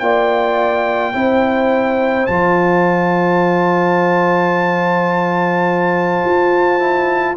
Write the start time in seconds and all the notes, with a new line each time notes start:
0.00 A#3 F4 D5 G5
1.13 C4 E4 C5
2.27 F3 F4 A5
6.25 F4
6.80 E4